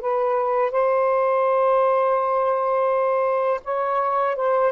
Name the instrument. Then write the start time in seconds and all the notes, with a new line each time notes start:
saxophone
0.00 B4
0.71 C5
3.64 C#5
4.35 C5